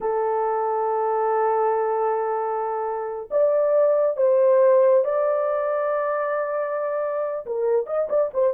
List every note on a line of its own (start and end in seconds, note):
0.00 3.29 A4
3.30 4.16 D5
4.16 5.04 C5
5.04 7.45 D5
7.46 7.86 A#4
7.86 8.08 D#5
8.09 8.31 D5
8.33 8.54 C5